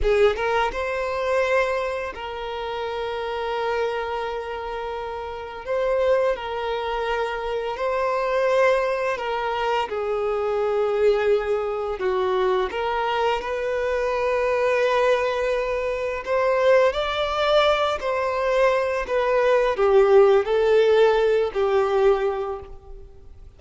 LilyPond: \new Staff \with { instrumentName = "violin" } { \time 4/4 \tempo 4 = 85 gis'8 ais'8 c''2 ais'4~ | ais'1 | c''4 ais'2 c''4~ | c''4 ais'4 gis'2~ |
gis'4 fis'4 ais'4 b'4~ | b'2. c''4 | d''4. c''4. b'4 | g'4 a'4. g'4. | }